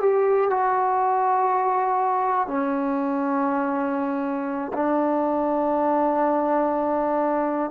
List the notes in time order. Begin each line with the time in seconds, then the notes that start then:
0.00 G4
0.50 F#4
2.47 C#4
4.74 D4